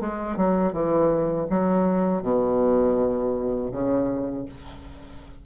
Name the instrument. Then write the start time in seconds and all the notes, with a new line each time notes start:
bassoon
0.00 G#3
0.37 F#3
0.73 E3
1.49 F#3
2.22 B2
3.71 C#3